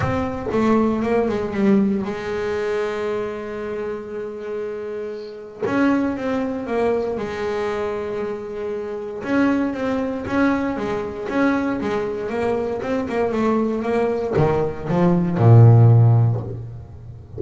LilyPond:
\new Staff \with { instrumentName = "double bass" } { \time 4/4 \tempo 4 = 117 c'4 a4 ais8 gis8 g4 | gis1~ | gis2. cis'4 | c'4 ais4 gis2~ |
gis2 cis'4 c'4 | cis'4 gis4 cis'4 gis4 | ais4 c'8 ais8 a4 ais4 | dis4 f4 ais,2 | }